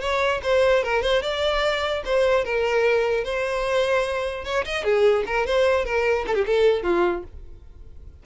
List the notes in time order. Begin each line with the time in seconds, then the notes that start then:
0.00 C#5
0.43 C5
0.83 A#4
1.02 C5
1.22 D5
2.04 C5
2.44 A#4
3.24 C5
4.44 C#5
4.65 D#5
4.83 G#4
5.26 A#4
5.46 C5
5.85 A#4
6.27 A4
6.34 G4
6.46 A4
6.83 F4